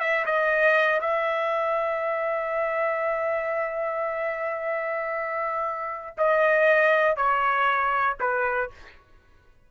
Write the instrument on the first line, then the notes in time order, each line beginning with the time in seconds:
trumpet
0.00 E5
0.25 D#5
1.00 E5
6.17 D#5
7.16 C#5
8.20 B4